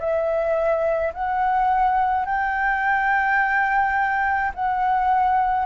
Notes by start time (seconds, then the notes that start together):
0.00 E5
1.14 F#5
2.26 G5
4.55 F#5